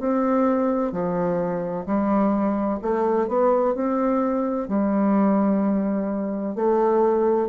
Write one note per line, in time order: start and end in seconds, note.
0.00 0.92 C4
0.92 1.86 F3
1.86 2.80 G3
2.82 3.28 A3
3.28 3.75 B3
3.75 4.68 C4
4.68 6.56 G3
6.56 7.49 A3